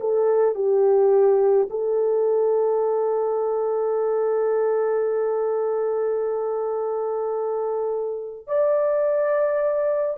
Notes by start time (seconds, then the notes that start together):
0.00 A4
0.55 G4
1.70 A4
8.47 D5